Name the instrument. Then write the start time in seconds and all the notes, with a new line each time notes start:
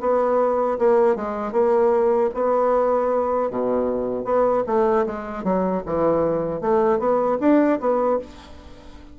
bassoon
0.00 B3
0.79 A#3
1.16 G#3
1.52 A#3
2.34 B3
3.50 B2
4.24 B3
4.66 A3
5.06 G#3
5.44 F#3
5.86 E3
6.61 A3
6.99 B3
7.40 D4
7.80 B3